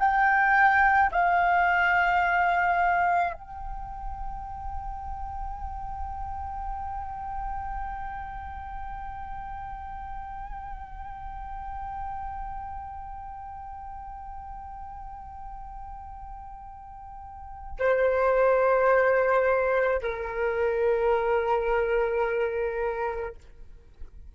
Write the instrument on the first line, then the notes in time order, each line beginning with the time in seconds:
flute
0.00 G5
1.12 F5
3.34 G5
17.79 C5
20.02 A#4